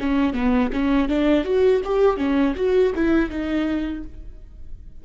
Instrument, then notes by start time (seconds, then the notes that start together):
viola
0.00 C#4
0.34 B3
0.73 C#4
1.09 D4
1.45 F#4
1.85 G4
2.18 C#4
2.56 F#4
2.95 E4
3.30 D#4